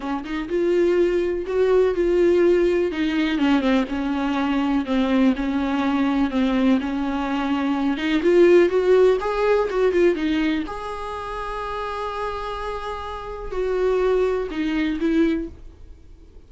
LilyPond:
\new Staff \with { instrumentName = "viola" } { \time 4/4 \tempo 4 = 124 cis'8 dis'8 f'2 fis'4 | f'2 dis'4 cis'8 c'8 | cis'2 c'4 cis'4~ | cis'4 c'4 cis'2~ |
cis'8 dis'8 f'4 fis'4 gis'4 | fis'8 f'8 dis'4 gis'2~ | gis'1 | fis'2 dis'4 e'4 | }